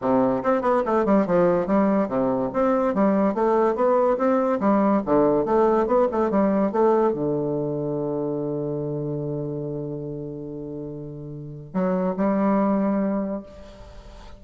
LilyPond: \new Staff \with { instrumentName = "bassoon" } { \time 4/4 \tempo 4 = 143 c4 c'8 b8 a8 g8 f4 | g4 c4 c'4 g4 | a4 b4 c'4 g4 | d4 a4 b8 a8 g4 |
a4 d2.~ | d1~ | d1 | fis4 g2. | }